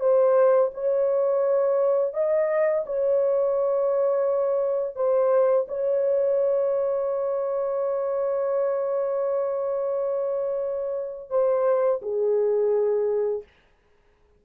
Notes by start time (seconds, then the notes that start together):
0.00 C5
0.74 C#5
2.14 D#5
2.86 C#5
4.96 C5
5.68 C#5
11.30 C5
12.02 G#4